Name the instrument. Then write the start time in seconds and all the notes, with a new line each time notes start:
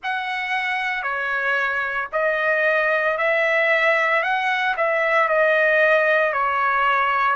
trumpet
0.03 F#5
1.02 C#5
2.12 D#5
3.17 E5
4.22 F#5
4.76 E5
5.28 D#5
6.32 C#5